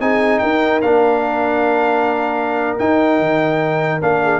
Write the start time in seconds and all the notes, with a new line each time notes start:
0.00 C4 D#4 G#4 G#5
0.39 D#4 A#4 G5
0.82 A#3 D4 F5
2.78 D#4 G5
3.20 D#3
4.01 A#3 D4 F5
4.23 G#4